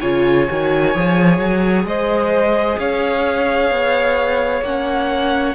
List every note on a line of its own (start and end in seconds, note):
0.00 0.49 C#3
0.00 0.47 F4
0.00 1.85 C#5
0.00 1.85 G#5
0.49 0.95 D#3
0.49 0.94 F#4
0.94 1.38 F3
0.94 4.63 G#4
1.38 1.84 F#3
1.84 2.77 G#3
1.84 2.79 C5
1.84 2.78 D#5
2.78 3.70 C#4
2.78 5.55 C#5
2.78 4.63 F5
3.70 4.62 B3
4.62 5.54 A#3
4.62 5.55 C#4
4.62 5.55 F#5